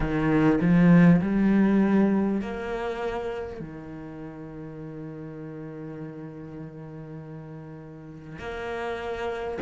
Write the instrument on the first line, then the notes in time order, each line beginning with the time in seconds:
cello
0.00 D#3
0.60 F3
1.21 G3
2.41 A#3
3.59 D#3
8.38 A#3